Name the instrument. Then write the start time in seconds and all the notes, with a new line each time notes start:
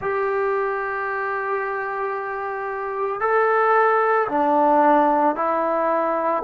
trombone
0.00 G4
3.20 A4
4.28 D4
5.35 E4